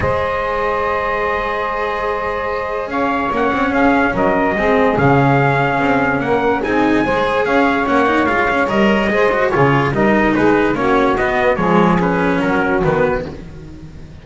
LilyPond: <<
  \new Staff \with { instrumentName = "trumpet" } { \time 4/4 \tempo 4 = 145 dis''1~ | dis''2. f''4 | fis''4 f''4 dis''2 | f''2. fis''4 |
gis''2 f''4 fis''4 | f''4 dis''2 cis''4 | dis''4 b'4 cis''4 dis''4 | cis''4 b'4 ais'4 b'4 | }
  \new Staff \with { instrumentName = "saxophone" } { \time 4/4 c''1~ | c''2. cis''4~ | cis''4 gis'4 ais'4 gis'4~ | gis'2. ais'4 |
gis'4 c''4 cis''2~ | cis''2 c''4 gis'4 | ais'4 gis'4 fis'2 | gis'2 fis'2 | }
  \new Staff \with { instrumentName = "cello" } { \time 4/4 gis'1~ | gis'1 | cis'2. c'4 | cis'1 |
dis'4 gis'2 cis'8 dis'8 | f'8 cis'8 ais'4 gis'8 fis'8 f'4 | dis'2 cis'4 b4 | gis4 cis'2 b4 | }
  \new Staff \with { instrumentName = "double bass" } { \time 4/4 gis1~ | gis2. cis'4 | ais8 c'8 cis'4 fis4 gis4 | cis2 c'4 ais4 |
c'4 gis4 cis'4 ais4 | gis4 g4 gis4 cis4 | g4 gis4 ais4 b4 | f2 fis4 dis4 | }
>>